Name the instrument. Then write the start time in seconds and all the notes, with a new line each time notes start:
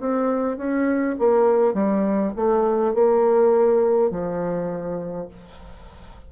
bassoon
0.00 C4
0.57 C#4
1.19 A#3
1.74 G3
2.36 A3
2.94 A#3
4.11 F3